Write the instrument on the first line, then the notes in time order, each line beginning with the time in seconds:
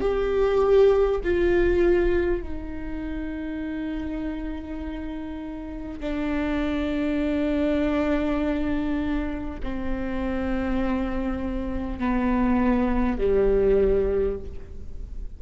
viola
0.00 G4
1.23 F4
2.42 D#4
6.00 D4
9.63 C4
11.99 B3
13.18 G3